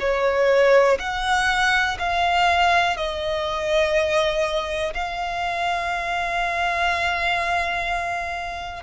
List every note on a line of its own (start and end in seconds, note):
0.00 0.98 C#5
0.99 1.98 F#5
1.99 2.97 F5
2.97 4.94 D#5
4.94 8.83 F5